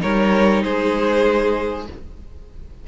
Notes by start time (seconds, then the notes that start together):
0.00 G3 D#4 A#4 C#5
0.63 G#3 G#4 C5